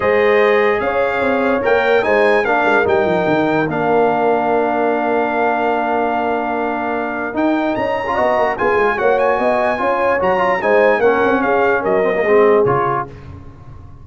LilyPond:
<<
  \new Staff \with { instrumentName = "trumpet" } { \time 4/4 \tempo 4 = 147 dis''2 f''2 | g''4 gis''4 f''4 g''4~ | g''4 f''2.~ | f''1~ |
f''2 g''4 ais''4~ | ais''4 gis''4 fis''8 gis''4.~ | gis''4 ais''4 gis''4 fis''4 | f''4 dis''2 cis''4 | }
  \new Staff \with { instrumentName = "horn" } { \time 4/4 c''2 cis''2~ | cis''4 c''4 ais'2~ | ais'1~ | ais'1~ |
ais'2.~ ais'8. cis''16 | dis''4 gis'4 cis''4 dis''4 | cis''2 c''4 ais'4 | gis'4 ais'4 gis'2 | }
  \new Staff \with { instrumentName = "trombone" } { \time 4/4 gis'1 | ais'4 dis'4 d'4 dis'4~ | dis'4 d'2.~ | d'1~ |
d'2 dis'4.~ dis'16 f'16 | fis'4 f'4 fis'2 | f'4 fis'8 f'8 dis'4 cis'4~ | cis'4. c'16 ais16 c'4 f'4 | }
  \new Staff \with { instrumentName = "tuba" } { \time 4/4 gis2 cis'4 c'4 | ais4 gis4 ais8 gis8 g8 f8 | dis4 ais2.~ | ais1~ |
ais2 dis'4 cis'4 | b8 ais8 b8 gis8 ais4 b4 | cis'4 fis4 gis4 ais8 c'8 | cis'4 fis4 gis4 cis4 | }
>>